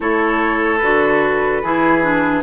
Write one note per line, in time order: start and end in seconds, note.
0.00 0.81 A3
0.00 0.79 E4
0.00 1.62 A4
0.00 0.78 C#5
0.78 1.62 D3
0.78 1.63 F#4
0.78 2.40 B4
1.62 2.42 E3
1.62 2.03 E4
1.62 2.42 G#4
2.03 2.42 D4